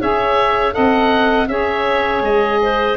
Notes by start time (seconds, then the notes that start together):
0.00 C#4 G#4 C#5 E5
0.72 C4 A4 D#5 F#5
1.48 C#4 G#4 C#5 E5
2.21 G#3 D#5
2.62 C5